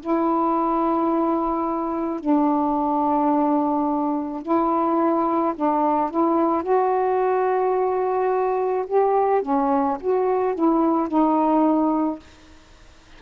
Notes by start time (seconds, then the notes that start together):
0.00 E4
2.20 D4
4.42 E4
5.56 D4
6.10 E4
6.63 F#4
8.86 G4
9.42 C#4
10.00 F#4
10.55 E4
11.08 D#4